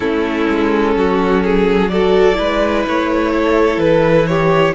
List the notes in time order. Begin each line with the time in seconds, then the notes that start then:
0.00 A3 C#4 E4 A4
0.48 G#3
0.95 F#3 F#4
1.43 G#4
1.88 F#4 A4 D5
2.34 G#3 E4 B4
2.87 A3 C#5
3.36 A4
3.77 E3 B4
4.26 G4 C#5